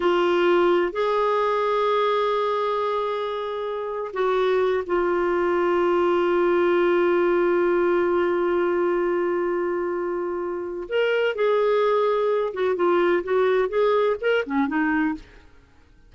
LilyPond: \new Staff \with { instrumentName = "clarinet" } { \time 4/4 \tempo 4 = 127 f'2 gis'2~ | gis'1~ | gis'8. fis'4. f'4.~ f'16~ | f'1~ |
f'1~ | f'2. ais'4 | gis'2~ gis'8 fis'8 f'4 | fis'4 gis'4 ais'8 cis'8 dis'4 | }